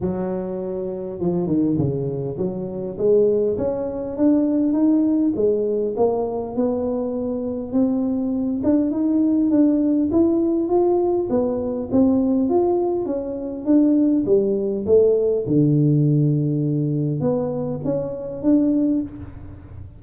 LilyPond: \new Staff \with { instrumentName = "tuba" } { \time 4/4 \tempo 4 = 101 fis2 f8 dis8 cis4 | fis4 gis4 cis'4 d'4 | dis'4 gis4 ais4 b4~ | b4 c'4. d'8 dis'4 |
d'4 e'4 f'4 b4 | c'4 f'4 cis'4 d'4 | g4 a4 d2~ | d4 b4 cis'4 d'4 | }